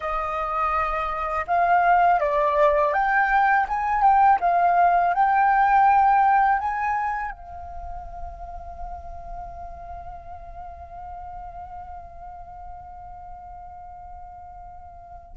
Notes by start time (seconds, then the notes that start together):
0.00 D#5
1.47 F5
2.20 D5
2.93 G5
3.68 G#5
4.02 G5
4.40 F5
5.13 G5
6.59 G#5
7.31 F5